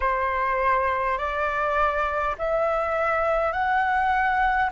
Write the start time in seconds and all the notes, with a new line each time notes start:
0.00 C5
1.18 D5
2.38 E5
3.52 F#5